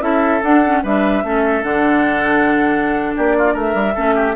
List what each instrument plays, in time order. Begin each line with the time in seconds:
0.00 bassoon C#4, clarinet E4, oboe A4, flute E5
0.43 bassoon D4, clarinet D4, flute F#5
0.64 clarinet C#4
0.83 bassoon G3, clarinet D4, oboe B4, flute E5
1.23 bassoon A3, clarinet C#4, oboe A4
1.62 bassoon D3, clarinet D4, flute F#5
3.16 bassoon A#3, oboe G4, flute D5
3.38 oboe F4
3.53 bassoon A3, oboe A#4, flute E5
3.74 bassoon G3
3.95 bassoon A3, clarinet C#4, oboe A4
4.15 oboe G4